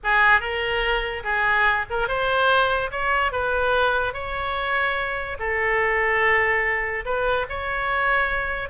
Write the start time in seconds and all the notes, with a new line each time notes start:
0.03 G#4
0.40 A#4
1.23 G#4
1.90 A#4
2.08 C5
2.91 C#5
3.32 B4
4.13 C#5
5.39 A4
7.05 B4
7.49 C#5